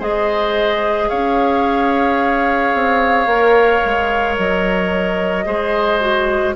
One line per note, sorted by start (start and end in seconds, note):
0.00 1.10 G#3
0.00 3.27 G#4
0.00 1.09 C5
0.00 1.09 D#5
1.09 2.75 C#4
1.09 5.46 C#5
1.09 4.37 F5
2.75 3.27 C4
3.27 3.81 A#3
3.27 5.45 A#4
3.85 4.39 G#3
4.37 5.47 F#3
4.37 6.55 D#5
5.45 6.56 G#3
5.45 6.00 G#4
5.45 6.56 C5
6.00 6.55 F#4